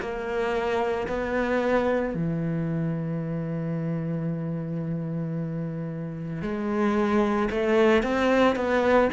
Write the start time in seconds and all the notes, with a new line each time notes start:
0.00 A#3
1.08 B3
2.14 E3
6.42 G#3
7.50 A3
8.03 C4
8.56 B3